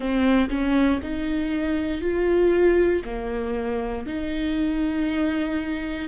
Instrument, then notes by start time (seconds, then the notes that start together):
viola
0.00 C4
0.49 C#4
1.02 D#4
2.01 F4
3.04 A#3
4.06 D#4